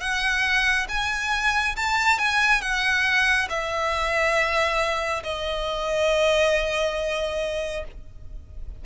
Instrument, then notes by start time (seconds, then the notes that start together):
violin
0.00 F#5
0.89 G#5
1.76 A5
2.19 G#5
2.61 F#5
3.49 E5
5.23 D#5